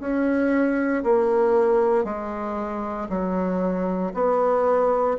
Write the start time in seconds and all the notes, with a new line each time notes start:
0.00 C#4
1.03 A#3
2.04 G#3
3.09 F#3
4.14 B3